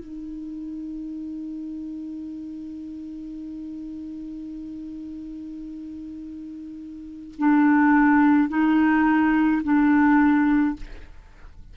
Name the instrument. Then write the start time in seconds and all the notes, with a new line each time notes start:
clarinet
0.00 D#4
7.38 D4
8.49 D#4
9.64 D4